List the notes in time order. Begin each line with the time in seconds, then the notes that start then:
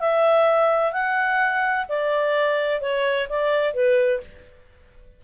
0.00 E5
0.93 F#5
1.89 D5
2.81 C#5
3.29 D5
3.74 B4